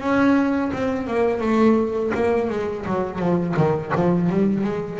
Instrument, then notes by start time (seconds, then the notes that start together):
double bass
0.00 C#4
0.73 C4
1.07 A#3
1.40 A3
2.14 A#3
2.49 G#3
2.86 F#3
3.19 F3
3.56 D#3
3.95 F3
4.29 G3
4.64 G#3